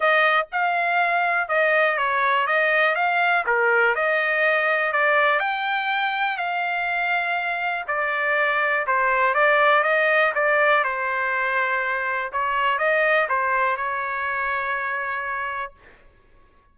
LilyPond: \new Staff \with { instrumentName = "trumpet" } { \time 4/4 \tempo 4 = 122 dis''4 f''2 dis''4 | cis''4 dis''4 f''4 ais'4 | dis''2 d''4 g''4~ | g''4 f''2. |
d''2 c''4 d''4 | dis''4 d''4 c''2~ | c''4 cis''4 dis''4 c''4 | cis''1 | }